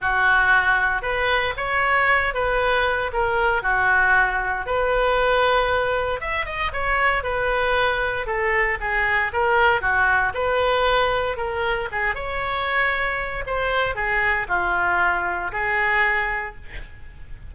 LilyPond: \new Staff \with { instrumentName = "oboe" } { \time 4/4 \tempo 4 = 116 fis'2 b'4 cis''4~ | cis''8 b'4. ais'4 fis'4~ | fis'4 b'2. | e''8 dis''8 cis''4 b'2 |
a'4 gis'4 ais'4 fis'4 | b'2 ais'4 gis'8 cis''8~ | cis''2 c''4 gis'4 | f'2 gis'2 | }